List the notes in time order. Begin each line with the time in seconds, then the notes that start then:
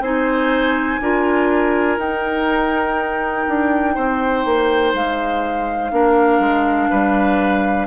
0.00 C4 D#4 C5 G#5
1.00 D4 F4 A#4
1.98 D#4 G5
3.48 D4
3.94 C4 C5
4.45 A#3
4.94 G#3 F5
5.91 A#3 D4 A#4
6.39 G#3
6.90 G3 B4